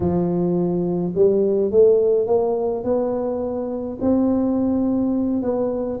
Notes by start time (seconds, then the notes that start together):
0.00 F3
1.15 G3
1.71 A3
2.26 A#3
2.83 B3
4.00 C4
5.42 B3